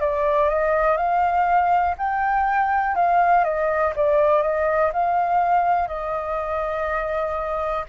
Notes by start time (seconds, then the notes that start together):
0.00 D5
0.49 D#5
0.97 F5
1.97 G5
2.95 F5
3.44 D#5
3.96 D5
4.42 D#5
4.93 F5
5.87 D#5